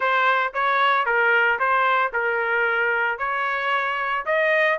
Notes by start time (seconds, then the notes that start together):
0.00 C5
0.53 C#5
1.05 A#4
1.59 C5
2.12 A#4
3.18 C#5
4.25 D#5